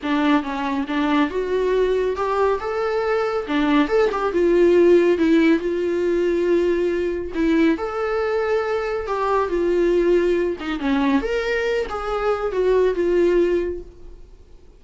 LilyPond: \new Staff \with { instrumentName = "viola" } { \time 4/4 \tempo 4 = 139 d'4 cis'4 d'4 fis'4~ | fis'4 g'4 a'2 | d'4 a'8 g'8 f'2 | e'4 f'2.~ |
f'4 e'4 a'2~ | a'4 g'4 f'2~ | f'8 dis'8 cis'4 ais'4. gis'8~ | gis'4 fis'4 f'2 | }